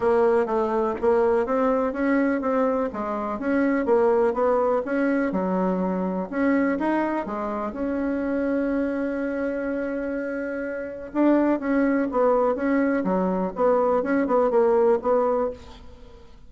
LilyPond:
\new Staff \with { instrumentName = "bassoon" } { \time 4/4 \tempo 4 = 124 ais4 a4 ais4 c'4 | cis'4 c'4 gis4 cis'4 | ais4 b4 cis'4 fis4~ | fis4 cis'4 dis'4 gis4 |
cis'1~ | cis'2. d'4 | cis'4 b4 cis'4 fis4 | b4 cis'8 b8 ais4 b4 | }